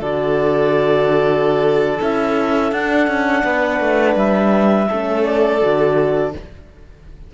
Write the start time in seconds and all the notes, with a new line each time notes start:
0.00 D3 F#4 A4 D5
2.00 C#4 E4 E5
2.72 D4 F#5
3.07 C#4
3.43 B3 B4
3.80 A3
4.15 G3 E5
4.88 A3 C#4 A4
5.24 D5
5.60 D3 F#4